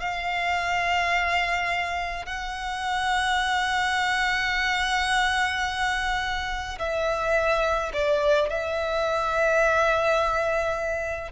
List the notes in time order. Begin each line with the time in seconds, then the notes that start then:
0.00 F5
2.25 F#5
6.79 E5
7.93 D5
8.49 E5